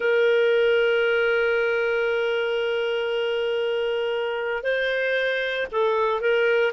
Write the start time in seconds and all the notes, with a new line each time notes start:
0.00 A#4
4.63 C5
5.71 A4
6.20 A#4